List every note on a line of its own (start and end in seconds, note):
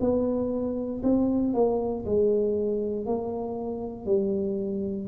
0.00 1.02 B3
1.03 1.53 C4
1.53 2.04 A#3
2.05 3.06 G#3
3.06 4.05 A#3
4.05 5.07 G3